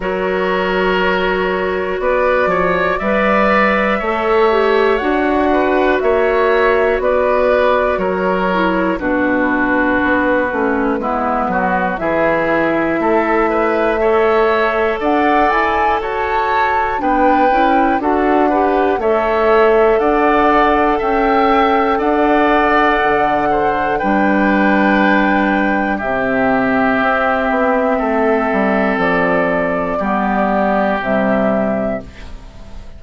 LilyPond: <<
  \new Staff \with { instrumentName = "flute" } { \time 4/4 \tempo 4 = 60 cis''2 d''4 e''4~ | e''4 fis''4 e''4 d''4 | cis''4 b'2. | e''2. fis''8 gis''8 |
a''4 g''4 fis''4 e''4 | fis''4 g''4 fis''2 | g''2 e''2~ | e''4 d''2 e''4 | }
  \new Staff \with { instrumentName = "oboe" } { \time 4/4 ais'2 b'8 cis''8 d''4 | cis''4. b'8 cis''4 b'4 | ais'4 fis'2 e'8 fis'8 | gis'4 a'8 b'8 cis''4 d''4 |
cis''4 b'4 a'8 b'8 cis''4 | d''4 e''4 d''4. c''8 | b'2 g'2 | a'2 g'2 | }
  \new Staff \with { instrumentName = "clarinet" } { \time 4/4 fis'2. b'4 | a'8 g'8 fis'2.~ | fis'8 e'8 d'4. cis'8 b4 | e'2 a'2~ |
a'4 d'8 e'8 fis'8 g'8 a'4~ | a'1 | d'2 c'2~ | c'2 b4 g4 | }
  \new Staff \with { instrumentName = "bassoon" } { \time 4/4 fis2 b8 f8 g4 | a4 d'4 ais4 b4 | fis4 b,4 b8 a8 gis8 fis8 | e4 a2 d'8 e'8 |
fis'4 b8 cis'8 d'4 a4 | d'4 cis'4 d'4 d4 | g2 c4 c'8 b8 | a8 g8 f4 g4 c4 | }
>>